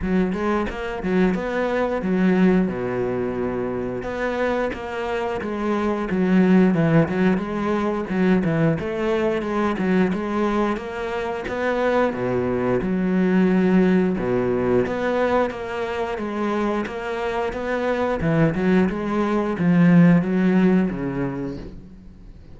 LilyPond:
\new Staff \with { instrumentName = "cello" } { \time 4/4 \tempo 4 = 89 fis8 gis8 ais8 fis8 b4 fis4 | b,2 b4 ais4 | gis4 fis4 e8 fis8 gis4 | fis8 e8 a4 gis8 fis8 gis4 |
ais4 b4 b,4 fis4~ | fis4 b,4 b4 ais4 | gis4 ais4 b4 e8 fis8 | gis4 f4 fis4 cis4 | }